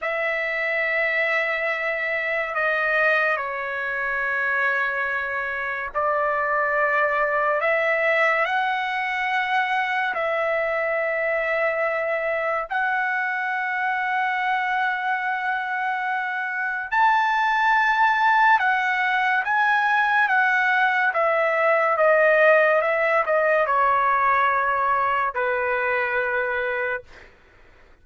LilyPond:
\new Staff \with { instrumentName = "trumpet" } { \time 4/4 \tempo 4 = 71 e''2. dis''4 | cis''2. d''4~ | d''4 e''4 fis''2 | e''2. fis''4~ |
fis''1 | a''2 fis''4 gis''4 | fis''4 e''4 dis''4 e''8 dis''8 | cis''2 b'2 | }